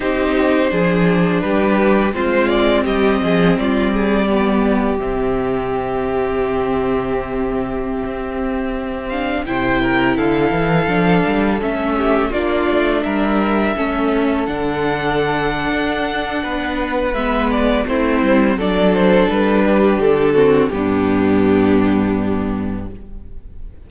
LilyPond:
<<
  \new Staff \with { instrumentName = "violin" } { \time 4/4 \tempo 4 = 84 c''2 b'4 c''8 d''8 | dis''4 d''2 e''4~ | e''1~ | e''8. f''8 g''4 f''4.~ f''16~ |
f''16 e''4 d''4 e''4.~ e''16~ | e''16 fis''2.~ fis''8. | e''8 d''8 c''4 d''8 c''8 b'4 | a'4 g'2. | }
  \new Staff \with { instrumentName = "violin" } { \time 4/4 g'4 gis'4 g'4 f'4 | g'8 gis'8 f'8 gis'8 g'2~ | g'1~ | g'4~ g'16 c''8 ais'8 a'4.~ a'16~ |
a'8. g'8 f'4 ais'4 a'8.~ | a'2. b'4~ | b'4 e'4 a'4. g'8~ | g'8 fis'8 d'2. | }
  \new Staff \with { instrumentName = "viola" } { \time 4/4 dis'4 d'2 c'4~ | c'2 b4 c'4~ | c'1~ | c'8. d'8 e'2 d'8.~ |
d'16 cis'4 d'2 cis'8.~ | cis'16 d'2.~ d'8. | b4 c'4 d'2~ | d'8 c'8 b2. | }
  \new Staff \with { instrumentName = "cello" } { \time 4/4 c'4 f4 g4 gis4 | g8 f8 g2 c4~ | c2.~ c16 c'8.~ | c'4~ c'16 c4 d8 e8 f8 g16~ |
g16 a4 ais8 a8 g4 a8.~ | a16 d4.~ d16 d'4 b4 | gis4 a8 g8 fis4 g4 | d4 g,2. | }
>>